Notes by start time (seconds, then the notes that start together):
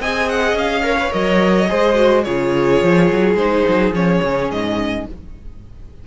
0.00 C4 G#4 D#5 G#5
0.29 F#5
0.53 C#4 F5
0.83 A#4 C#5
0.99 B4
1.10 F#3 A#4 D#5
1.68 G#3 G#4 C5
1.95 F#4
2.23 C#3 F4 G#4 C#5
2.82 F3
3.11 F#3
3.35 G#3 D#4 C5
3.68 F#3
3.92 F3 C#4 C#5
4.22 C#3
4.50 G#2 D#5